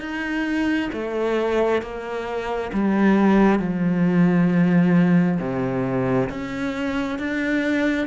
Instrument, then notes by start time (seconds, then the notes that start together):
cello
0.00 D#4
0.92 A3
1.82 A#3
2.73 G3
3.59 F3
5.39 C3
6.29 C#4
7.18 D4